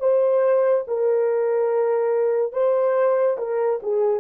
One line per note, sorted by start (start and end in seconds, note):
0.00 0.85 C5
0.88 2.53 A#4
2.53 3.37 C5
3.38 3.80 A#4
3.83 4.21 G#4